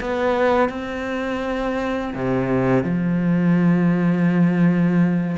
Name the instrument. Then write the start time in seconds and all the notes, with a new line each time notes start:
cello
0.00 B3
0.69 C4
2.14 C3
2.83 F3